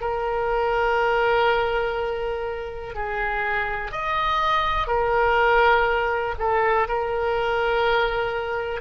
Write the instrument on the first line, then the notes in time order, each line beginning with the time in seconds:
oboe
0.00 A#4
2.95 G#4
3.92 D#5
4.87 A#4
6.38 A4
6.88 A#4